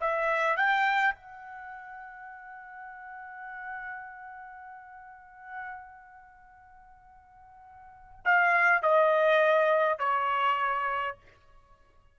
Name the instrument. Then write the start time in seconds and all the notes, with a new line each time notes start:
trumpet
0.00 E5
0.56 G5
1.14 F#5
8.24 F5
8.82 D#5
9.99 C#5